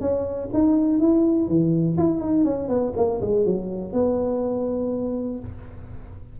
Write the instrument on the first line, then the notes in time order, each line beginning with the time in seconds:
tuba
0.00 C#4
0.53 D#4
0.99 E4
1.48 E3
1.97 E4
2.20 D#4
2.44 C#4
2.68 B3
2.96 A#3
3.21 G#3
3.45 F#3
3.92 B3